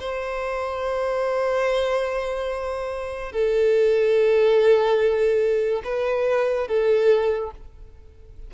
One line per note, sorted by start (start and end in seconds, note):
0.00 3.32 C5
3.32 5.82 A4
5.84 6.67 B4
6.67 7.51 A4